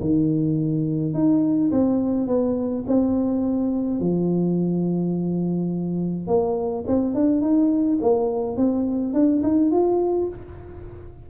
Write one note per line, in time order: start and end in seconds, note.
0.00 1.13 D#3
1.13 1.70 D#4
1.71 2.27 C4
2.27 2.84 B3
2.87 4.00 C4
4.00 6.27 F3
6.27 6.84 A#3
6.87 7.14 C4
7.14 7.41 D4
7.41 7.98 D#4
8.01 8.56 A#3
8.56 9.13 C4
9.13 9.42 D4
9.42 9.71 D#4
9.71 10.28 F4